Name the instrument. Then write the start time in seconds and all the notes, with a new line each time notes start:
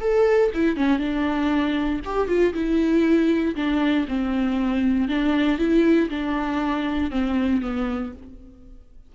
viola
0.00 A4
0.53 E4
0.76 C#4
0.98 D4
2.04 G4
2.27 F4
2.53 E4
3.55 D4
4.08 C4
5.08 D4
5.58 E4
6.09 D4
7.10 C4
7.61 B3